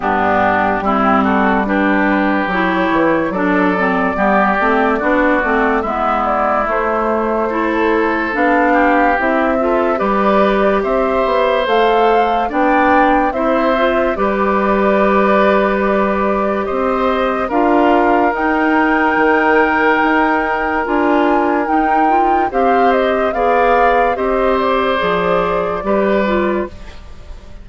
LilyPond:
<<
  \new Staff \with { instrumentName = "flute" } { \time 4/4 \tempo 4 = 72 g'4. a'8 b'4 cis''4 | d''2. e''8 d''8 | c''2 f''4 e''4 | d''4 e''4 f''4 g''4 |
e''4 d''2. | dis''4 f''4 g''2~ | g''4 gis''4 g''4 f''8 dis''8 | f''4 dis''8 d''2~ d''8 | }
  \new Staff \with { instrumentName = "oboe" } { \time 4/4 d'4 e'8 fis'8 g'2 | a'4 g'4 fis'4 e'4~ | e'4 a'4. g'4 a'8 | b'4 c''2 d''4 |
c''4 b'2. | c''4 ais'2.~ | ais'2. c''4 | d''4 c''2 b'4 | }
  \new Staff \with { instrumentName = "clarinet" } { \time 4/4 b4 c'4 d'4 e'4 | d'8 c'8 b8 c'8 d'8 c'8 b4 | a4 e'4 d'4 e'8 f'8 | g'2 a'4 d'4 |
e'8 f'8 g'2.~ | g'4 f'4 dis'2~ | dis'4 f'4 dis'8 f'8 g'4 | gis'4 g'4 gis'4 g'8 f'8 | }
  \new Staff \with { instrumentName = "bassoon" } { \time 4/4 g,4 g2 fis8 e8 | fis4 g8 a8 b8 a8 gis4 | a2 b4 c'4 | g4 c'8 b8 a4 b4 |
c'4 g2. | c'4 d'4 dis'4 dis4 | dis'4 d'4 dis'4 c'4 | b4 c'4 f4 g4 | }
>>